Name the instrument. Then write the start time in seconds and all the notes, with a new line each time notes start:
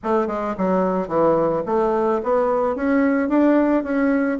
bassoon
0.03 A3
0.27 G#3
0.57 F#3
1.07 E3
1.66 A3
2.23 B3
2.75 C#4
3.28 D4
3.83 C#4